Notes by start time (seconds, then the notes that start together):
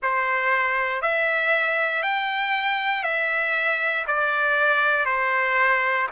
0.02 C5
1.01 E5
2.02 G5
3.03 E5
4.07 D5
5.05 C5